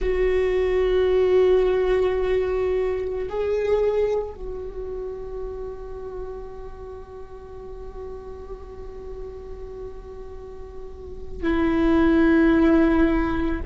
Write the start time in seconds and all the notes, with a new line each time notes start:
0.00 F#4
3.29 G#4
4.34 F#4
11.42 E4